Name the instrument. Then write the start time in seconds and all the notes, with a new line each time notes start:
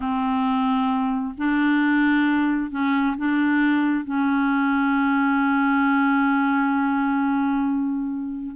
clarinet
0.00 C4
1.37 D4
2.70 C#4
3.17 D4
4.04 C#4